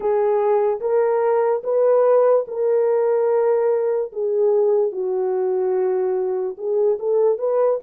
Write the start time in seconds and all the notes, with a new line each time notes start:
0.00 G#4
0.80 A#4
1.63 B4
2.47 A#4
4.12 G#4
4.91 F#4
6.57 G#4
6.99 A4
7.38 B4